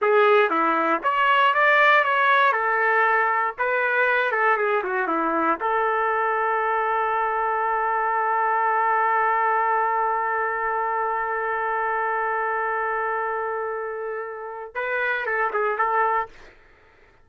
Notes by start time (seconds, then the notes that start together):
0.01 G#4
0.50 E4
1.03 C#5
1.54 D5
2.03 C#5
2.52 A4
3.58 B4
4.31 A4
4.57 G#4
4.83 F#4
5.07 E4
5.60 A4
14.75 B4
15.25 A4
15.53 G#4
15.77 A4